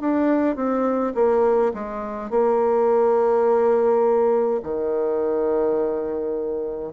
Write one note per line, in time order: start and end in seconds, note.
0.00 0.55 D4
0.55 1.13 C4
1.14 1.72 A#3
1.74 2.30 G#3
2.30 4.60 A#3
4.63 6.92 D#3